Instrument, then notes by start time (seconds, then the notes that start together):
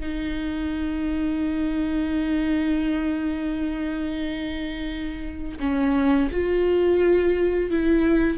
viola
0.00 D#4
5.60 C#4
6.31 F4
7.71 E4